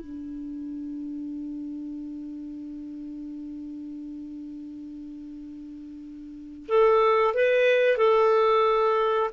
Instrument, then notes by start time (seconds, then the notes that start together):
clarinet
0.00 D4
6.68 A4
7.34 B4
7.97 A4